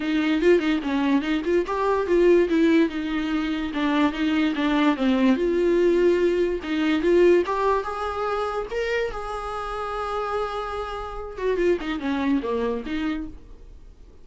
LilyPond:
\new Staff \with { instrumentName = "viola" } { \time 4/4 \tempo 4 = 145 dis'4 f'8 dis'8 cis'4 dis'8 f'8 | g'4 f'4 e'4 dis'4~ | dis'4 d'4 dis'4 d'4 | c'4 f'2. |
dis'4 f'4 g'4 gis'4~ | gis'4 ais'4 gis'2~ | gis'2.~ gis'8 fis'8 | f'8 dis'8 cis'4 ais4 dis'4 | }